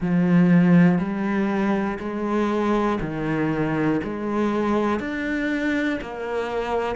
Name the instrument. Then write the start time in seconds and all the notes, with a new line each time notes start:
cello
0.00 F3
0.98 G3
1.99 G#3
3.00 D#3
4.03 G#3
5.00 D4
6.01 A#3